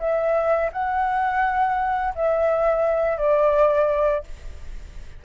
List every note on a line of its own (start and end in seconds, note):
0.00 0.71 E5
0.73 2.14 F#5
2.16 3.18 E5
3.18 4.24 D5